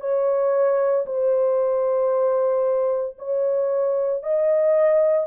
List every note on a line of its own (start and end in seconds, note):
0.00 1.05 C#5
1.06 3.16 C5
3.18 4.22 C#5
4.22 5.27 D#5